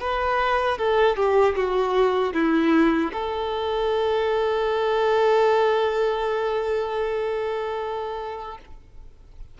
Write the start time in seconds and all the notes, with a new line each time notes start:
0.00 B4
0.78 A4
1.16 G4
1.56 F#4
2.34 E4
3.12 A4